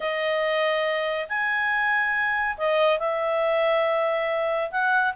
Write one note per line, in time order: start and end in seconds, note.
0.00 1.27 D#5
1.28 2.57 G#5
2.57 2.99 D#5
2.99 4.70 E5
4.71 5.14 F#5